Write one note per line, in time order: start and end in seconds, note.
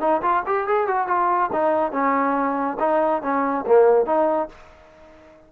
0.00 0.21 D#4
0.22 0.43 F4
0.46 0.67 G4
0.67 0.87 G#4
0.87 1.07 F#4
1.07 1.50 F4
1.52 1.92 D#4
1.92 2.77 C#4
2.79 3.22 D#4
3.22 3.65 C#4
3.67 4.06 A#3
4.06 4.48 D#4